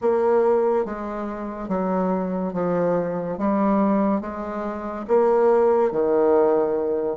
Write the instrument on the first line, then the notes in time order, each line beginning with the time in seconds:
bassoon
0.01 A#3
0.85 G#3
1.68 F#3
2.53 F3
3.38 G3
4.21 G#3
5.07 A#3
5.92 D#3